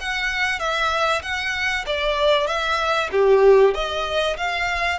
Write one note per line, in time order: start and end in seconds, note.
0.00 0.59 F#5
0.59 1.22 E5
1.22 1.85 F#5
1.86 2.47 D5
2.47 3.09 E5
3.12 3.74 G4
3.74 4.37 D#5
4.37 4.99 F5